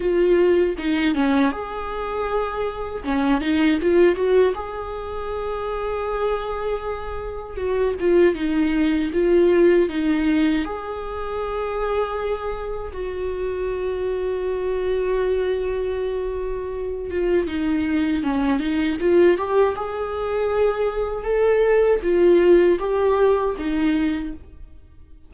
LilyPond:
\new Staff \with { instrumentName = "viola" } { \time 4/4 \tempo 4 = 79 f'4 dis'8 cis'8 gis'2 | cis'8 dis'8 f'8 fis'8 gis'2~ | gis'2 fis'8 f'8 dis'4 | f'4 dis'4 gis'2~ |
gis'4 fis'2.~ | fis'2~ fis'8 f'8 dis'4 | cis'8 dis'8 f'8 g'8 gis'2 | a'4 f'4 g'4 dis'4 | }